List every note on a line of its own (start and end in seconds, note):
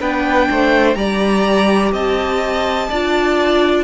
0.00 0.49 B3
0.00 0.96 D4
0.00 0.48 B4
0.00 0.95 G5
0.50 0.95 A3
0.50 0.97 C5
0.95 1.92 G3
0.95 2.90 G4
0.95 1.92 D5
0.95 1.92 A#5
1.92 2.89 C4
1.92 2.89 D#5
1.92 3.84 A5
2.89 3.84 D4
2.89 3.84 F4
2.89 3.84 D5